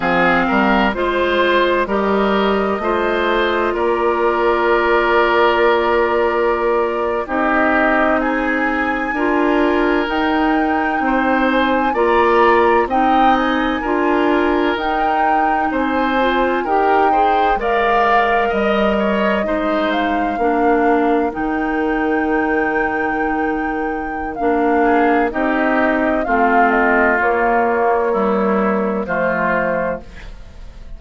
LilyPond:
<<
  \new Staff \with { instrumentName = "flute" } { \time 4/4 \tempo 4 = 64 f''4 c''4 dis''2 | d''2.~ d''8. dis''16~ | dis''8. gis''2 g''4~ g''16~ | g''16 gis''8 ais''4 g''8 gis''4. g''16~ |
g''8. gis''4 g''4 f''4 dis''16~ | dis''4~ dis''16 f''4. g''4~ g''16~ | g''2 f''4 dis''4 | f''8 dis''8 cis''2 c''4 | }
  \new Staff \with { instrumentName = "oboe" } { \time 4/4 gis'8 ais'8 c''4 ais'4 c''4 | ais'2.~ ais'8. g'16~ | g'8. gis'4 ais'2 c''16~ | c''8. d''4 dis''4 ais'4~ ais'16~ |
ais'8. c''4 ais'8 c''8 d''4 dis''16~ | dis''16 cis''8 c''4 ais'2~ ais'16~ | ais'2~ ais'8 gis'8 g'4 | f'2 e'4 f'4 | }
  \new Staff \with { instrumentName = "clarinet" } { \time 4/4 c'4 f'4 g'4 f'4~ | f'2.~ f'8. dis'16~ | dis'4.~ dis'16 f'4 dis'4~ dis'16~ | dis'8. f'4 dis'4 f'4 dis'16~ |
dis'4~ dis'16 f'8 g'8 gis'8 ais'4~ ais'16~ | ais'8. dis'4 d'4 dis'4~ dis'16~ | dis'2 d'4 dis'4 | c'4 ais4 g4 a4 | }
  \new Staff \with { instrumentName = "bassoon" } { \time 4/4 f8 g8 gis4 g4 a4 | ais2.~ ais8. c'16~ | c'4.~ c'16 d'4 dis'4 c'16~ | c'8. ais4 c'4 d'4 dis'16~ |
dis'8. c'4 dis'4 gis4 g16~ | g8. gis4 ais4 dis4~ dis16~ | dis2 ais4 c'4 | a4 ais2 f4 | }
>>